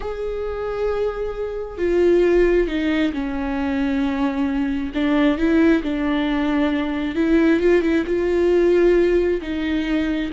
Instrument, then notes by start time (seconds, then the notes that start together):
viola
0.00 G#4
1.77 F4
2.67 D#4
3.12 C#4
4.94 D4
5.37 E4
5.82 D4
7.15 E4
7.59 F4
7.82 E4
8.06 F4
9.41 D#4